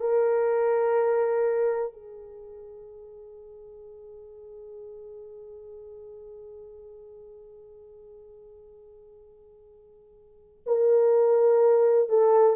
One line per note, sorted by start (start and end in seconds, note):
0.00 1.92 A#4
1.92 10.63 G#4
10.66 12.09 A#4
12.09 12.56 A4